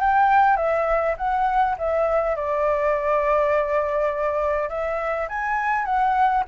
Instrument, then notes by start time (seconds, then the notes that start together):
flute
0.00 G5
0.57 E5
1.17 F#5
1.78 E5
2.36 D5
4.69 E5
5.29 G#5
5.85 F#5